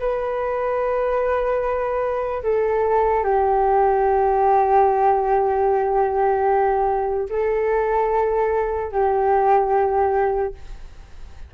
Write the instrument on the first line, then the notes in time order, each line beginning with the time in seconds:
flute
0.00 B4
2.44 A4
3.24 G4
7.30 A4
8.92 G4